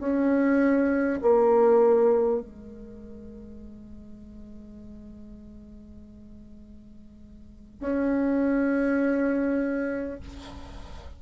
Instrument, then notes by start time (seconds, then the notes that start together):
bassoon
0.00 C#4
1.22 A#3
2.41 G#3
7.80 C#4